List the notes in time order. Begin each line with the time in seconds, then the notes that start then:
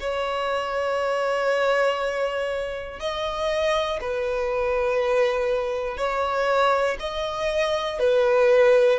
0.00 C#5
3.00 D#5
4.01 B4
5.98 C#5
7.00 D#5
8.00 B4